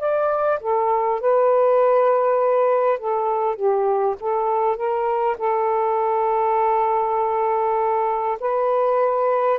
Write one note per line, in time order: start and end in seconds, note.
0.00 0.60 D5
0.61 1.21 A4
1.21 2.99 B4
2.99 3.56 A4
3.56 4.16 G4
4.21 4.77 A4
4.77 5.37 A#4
5.39 8.39 A4
8.41 9.59 B4